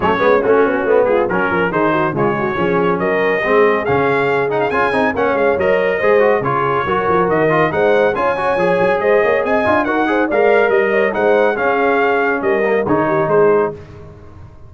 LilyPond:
<<
  \new Staff \with { instrumentName = "trumpet" } { \time 4/4 \tempo 4 = 140 cis''4 fis'4. gis'8 ais'4 | c''4 cis''2 dis''4~ | dis''4 f''4. fis''16 f''16 gis''4 | fis''8 f''8 dis''2 cis''4~ |
cis''4 dis''4 fis''4 gis''4~ | gis''4 dis''4 gis''4 fis''4 | f''4 dis''4 fis''4 f''4~ | f''4 dis''4 cis''4 c''4 | }
  \new Staff \with { instrumentName = "horn" } { \time 4/4 cis'2~ cis'8 f'8 fis'8 ais'8 | gis'8 fis'8 f'8 fis'8 gis'4 ais'4 | gis'1 | cis''2 c''4 gis'4 |
ais'2 c''4 cis''4~ | cis''4 c''8 cis''8 dis''4 ais'8 c''8 | d''4 dis''8 cis''8 c''4 gis'4~ | gis'4 ais'4 gis'8 g'8 gis'4 | }
  \new Staff \with { instrumentName = "trombone" } { \time 4/4 a8 b8 cis'4 b4 cis'4 | dis'4 gis4 cis'2 | c'4 cis'4. dis'8 f'8 dis'8 | cis'4 ais'4 gis'8 fis'8 f'4 |
fis'4. f'8 dis'4 f'8 fis'8 | gis'2~ gis'8 f'8 fis'8 gis'8 | ais'2 dis'4 cis'4~ | cis'4. ais8 dis'2 | }
  \new Staff \with { instrumentName = "tuba" } { \time 4/4 fis8 gis8 a8 b8 a8 gis8 fis8 f8 | dis4 cis4 f4 fis4 | gis4 cis2 cis'8 c'8 | ais8 gis8 fis4 gis4 cis4 |
fis8 f8 dis4 gis4 cis'4 | f8 fis8 gis8 ais8 c'8 d'8 dis'4 | gis4 g4 gis4 cis'4~ | cis'4 g4 dis4 gis4 | }
>>